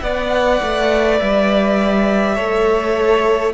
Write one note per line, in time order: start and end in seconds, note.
0.00 0.60 B3
0.00 2.36 B4
0.00 2.35 D5
0.00 1.18 F#5
0.61 1.20 A3
1.19 2.37 G3
1.19 3.54 E5
2.35 3.54 A3
2.35 3.53 A4
2.35 3.53 C#5